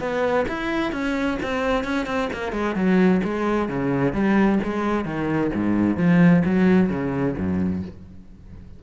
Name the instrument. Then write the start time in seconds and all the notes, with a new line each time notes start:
cello
0.00 B3
0.49 E4
0.92 C#4
1.43 C4
1.84 C#4
2.07 C4
2.33 A#3
2.53 G#3
2.75 F#3
3.24 G#3
3.69 C#3
4.13 G3
4.64 G#3
5.05 D#3
5.54 G#2
5.98 F3
6.45 F#3
6.90 C#3
7.37 F#2